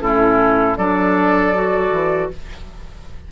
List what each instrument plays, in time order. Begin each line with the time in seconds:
0.00 bassoon A2, clarinet C#4, oboe E4, flute A4
0.77 bassoon F#3, clarinet D4, oboe A4, flute D5
1.54 clarinet F#4
1.91 bassoon E3